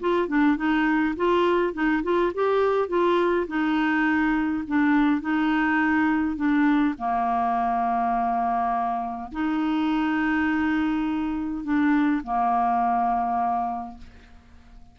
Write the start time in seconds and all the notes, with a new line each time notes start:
0.00 F4
0.28 D4
0.56 D#4
1.16 F4
1.73 D#4
2.03 F4
2.34 G4
2.88 F4
3.47 D#4
4.67 D4
5.21 D#4
6.36 D4
6.98 A#3
9.32 D#4
11.63 D4
12.23 A#3